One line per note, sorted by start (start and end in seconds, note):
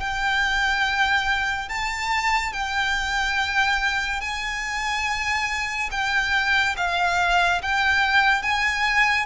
0.00 1.69 G5
1.69 2.53 A5
2.53 4.21 G5
4.21 5.90 G#5
5.91 6.76 G5
6.77 7.62 F5
7.62 8.42 G5
8.42 9.26 G#5